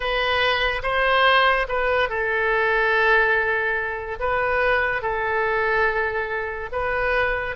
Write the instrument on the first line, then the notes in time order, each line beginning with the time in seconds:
oboe
0.00 B4
0.82 C5
1.68 B4
2.09 A4
4.19 B4
5.01 A4
6.72 B4